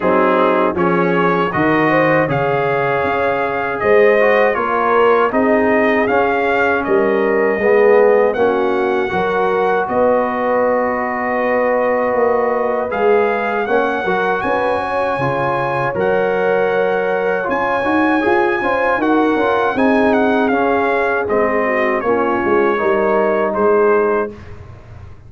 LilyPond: <<
  \new Staff \with { instrumentName = "trumpet" } { \time 4/4 \tempo 4 = 79 gis'4 cis''4 dis''4 f''4~ | f''4 dis''4 cis''4 dis''4 | f''4 dis''2 fis''4~ | fis''4 dis''2.~ |
dis''4 f''4 fis''4 gis''4~ | gis''4 fis''2 gis''4~ | gis''4 fis''4 gis''8 fis''8 f''4 | dis''4 cis''2 c''4 | }
  \new Staff \with { instrumentName = "horn" } { \time 4/4 dis'4 gis'4 ais'8 c''8 cis''4~ | cis''4 c''4 ais'4 gis'4~ | gis'4 ais'4 gis'4 fis'4 | ais'4 b'2.~ |
b'2 cis''8 ais'8 b'8 cis''8~ | cis''1~ | cis''8 c''8 ais'4 gis'2~ | gis'8 fis'8 f'4 ais'4 gis'4 | }
  \new Staff \with { instrumentName = "trombone" } { \time 4/4 c'4 cis'4 fis'4 gis'4~ | gis'4. fis'8 f'4 dis'4 | cis'2 b4 cis'4 | fis'1~ |
fis'4 gis'4 cis'8 fis'4. | f'4 ais'2 f'8 fis'8 | gis'8 f'8 fis'8 f'8 dis'4 cis'4 | c'4 cis'4 dis'2 | }
  \new Staff \with { instrumentName = "tuba" } { \time 4/4 fis4 f4 dis4 cis4 | cis'4 gis4 ais4 c'4 | cis'4 g4 gis4 ais4 | fis4 b2. |
ais4 gis4 ais8 fis8 cis'4 | cis4 fis2 cis'8 dis'8 | f'8 cis'8 dis'8 cis'8 c'4 cis'4 | gis4 ais8 gis8 g4 gis4 | }
>>